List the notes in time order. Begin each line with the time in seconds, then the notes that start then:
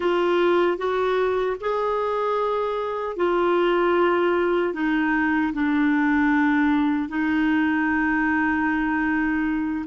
0.00 F4
0.77 F#4
1.60 G#4
3.16 F4
4.73 D#4
5.53 D4
7.08 D#4